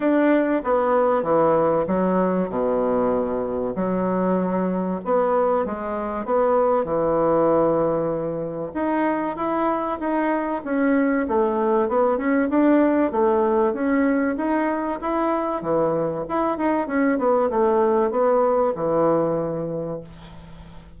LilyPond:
\new Staff \with { instrumentName = "bassoon" } { \time 4/4 \tempo 4 = 96 d'4 b4 e4 fis4 | b,2 fis2 | b4 gis4 b4 e4~ | e2 dis'4 e'4 |
dis'4 cis'4 a4 b8 cis'8 | d'4 a4 cis'4 dis'4 | e'4 e4 e'8 dis'8 cis'8 b8 | a4 b4 e2 | }